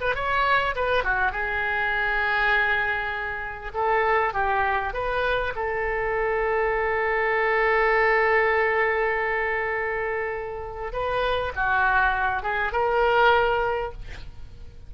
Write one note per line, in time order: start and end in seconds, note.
0.00 0.14 B4
0.14 0.75 C#5
0.75 1.03 B4
1.03 1.31 F#4
1.31 3.71 G#4
3.73 4.33 A4
4.33 4.93 G4
4.93 5.53 B4
5.55 10.92 A4
10.92 11.52 B4
11.55 12.42 F#4
12.42 12.72 G#4
12.72 13.92 A#4